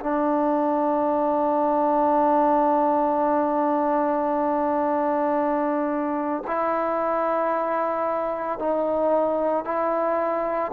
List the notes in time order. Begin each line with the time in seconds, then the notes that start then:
0.00 D4
6.47 E4
8.59 D#4
9.64 E4